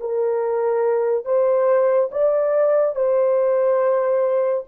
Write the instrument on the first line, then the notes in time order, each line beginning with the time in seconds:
horn
0.00 A#4
1.25 C5
2.11 D5
2.95 C5